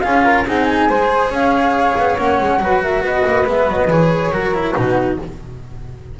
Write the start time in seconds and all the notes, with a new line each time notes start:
0.00 C#4 F4 G#4 F5
0.24 A#4
0.46 C4 D#4 G#4 F#5
0.64 G#5
0.89 G#3 G#4 C5
1.30 C#4 C#5 F5
1.98 B3
2.17 A#3 C#4 F#5
2.39 G#3
2.59 F#3 F#4 B4
2.82 A#4 E5
3.01 B3 B4 D#5
3.26 A#3
3.46 G#3 B3 E5
3.67 F#3 D#5
3.88 E3 G#4 C#5
4.31 F#3 F#4 A#4
4.54 E4
4.74 B2 D#4 F#4 B4